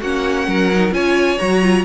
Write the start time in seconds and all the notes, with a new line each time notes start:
0.00 A#3 C#4 F#4 F#5
0.47 F#3 A#4
0.73 D#4
0.91 C#4 F4 C#5 G#5
1.38 F#3 F#4 A#5
1.62 F4